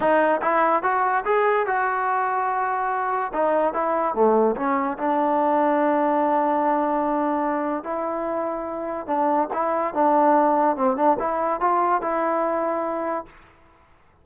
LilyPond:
\new Staff \with { instrumentName = "trombone" } { \time 4/4 \tempo 4 = 145 dis'4 e'4 fis'4 gis'4 | fis'1 | dis'4 e'4 a4 cis'4 | d'1~ |
d'2. e'4~ | e'2 d'4 e'4 | d'2 c'8 d'8 e'4 | f'4 e'2. | }